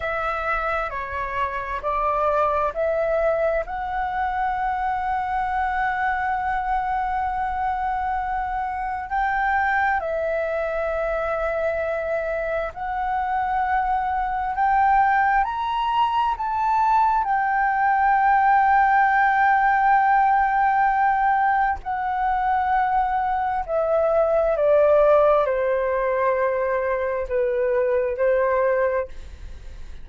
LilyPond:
\new Staff \with { instrumentName = "flute" } { \time 4/4 \tempo 4 = 66 e''4 cis''4 d''4 e''4 | fis''1~ | fis''2 g''4 e''4~ | e''2 fis''2 |
g''4 ais''4 a''4 g''4~ | g''1 | fis''2 e''4 d''4 | c''2 b'4 c''4 | }